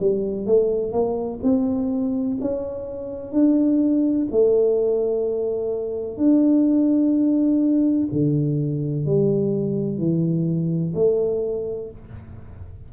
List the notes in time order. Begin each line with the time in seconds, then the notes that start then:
0.00 G3
0.46 A3
0.92 A#3
1.43 C4
2.41 C#4
3.32 D4
4.31 A3
6.17 D4
8.12 D3
9.06 G3
9.98 E3
10.95 A3